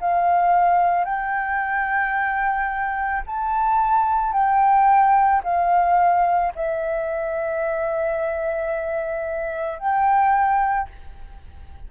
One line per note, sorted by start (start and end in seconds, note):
0.00 1.04 F5
1.04 3.22 G5
3.26 4.32 A5
4.32 5.41 G5
5.43 6.53 F5
6.55 9.79 E5
9.79 10.88 G5